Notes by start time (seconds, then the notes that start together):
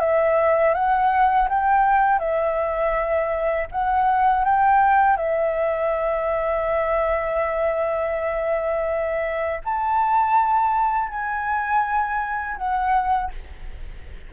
0.00 E5
0.74 F#5
1.49 G5
2.19 E5
3.71 F#5
4.44 G5
5.17 E5
9.65 A5
11.09 G#5
12.57 F#5